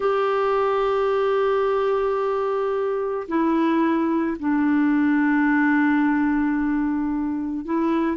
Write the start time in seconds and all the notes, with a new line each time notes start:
0.00 G4
3.28 E4
4.39 D4
7.65 E4